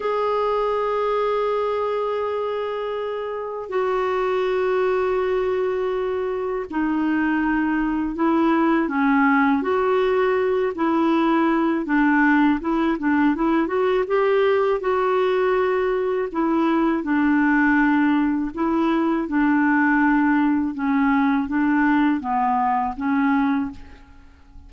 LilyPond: \new Staff \with { instrumentName = "clarinet" } { \time 4/4 \tempo 4 = 81 gis'1~ | gis'4 fis'2.~ | fis'4 dis'2 e'4 | cis'4 fis'4. e'4. |
d'4 e'8 d'8 e'8 fis'8 g'4 | fis'2 e'4 d'4~ | d'4 e'4 d'2 | cis'4 d'4 b4 cis'4 | }